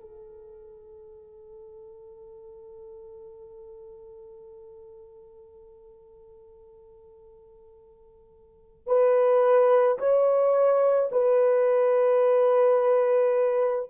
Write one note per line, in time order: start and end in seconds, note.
0.00 8.86 A4
8.86 9.97 B4
9.98 11.09 C#5
11.11 13.89 B4